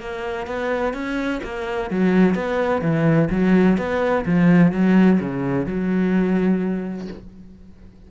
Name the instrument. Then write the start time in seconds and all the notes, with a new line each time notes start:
cello
0.00 A#3
0.47 B3
0.94 C#4
1.43 A#3
1.91 F#3
2.35 B3
2.82 E3
3.30 F#3
3.78 B3
4.26 F3
4.72 F#3
5.20 C#3
5.66 F#3